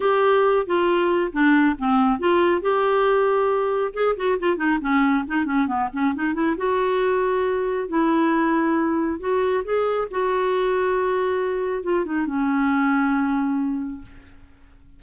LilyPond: \new Staff \with { instrumentName = "clarinet" } { \time 4/4 \tempo 4 = 137 g'4. f'4. d'4 | c'4 f'4 g'2~ | g'4 gis'8 fis'8 f'8 dis'8 cis'4 | dis'8 cis'8 b8 cis'8 dis'8 e'8 fis'4~ |
fis'2 e'2~ | e'4 fis'4 gis'4 fis'4~ | fis'2. f'8 dis'8 | cis'1 | }